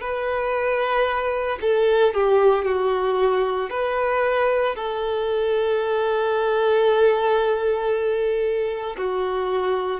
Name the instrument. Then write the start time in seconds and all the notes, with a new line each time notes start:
violin
0.00 B4
1.61 A4
2.13 G4
2.65 F#4
3.70 B4
4.75 A4
8.97 F#4